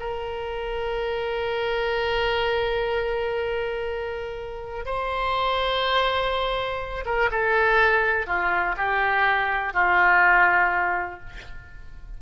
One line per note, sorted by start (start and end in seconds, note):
0.00 4.85 A#4
4.85 7.05 C5
7.06 7.30 A#4
7.31 8.27 A4
8.27 8.76 F4
8.77 9.74 G4
9.74 11.20 F4